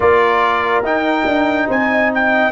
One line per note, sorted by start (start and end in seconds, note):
0.00 0.82 A#3
0.00 0.83 F4
0.00 1.67 A#4
0.00 0.84 D5
0.82 1.24 D#4
0.82 2.52 D#4
0.82 1.69 G5
1.25 1.67 D4
1.67 2.52 C4
1.67 1.88 C5
1.67 2.12 G#5
1.91 2.52 D#5
2.14 2.52 G5